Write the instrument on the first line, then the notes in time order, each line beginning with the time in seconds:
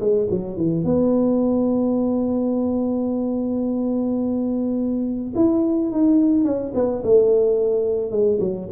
tuba
0.00 G#3
0.30 F#3
0.57 E3
0.84 B3
5.35 E4
5.91 D#4
6.44 C#4
6.74 B3
7.03 A3
8.11 G#3
8.40 F#3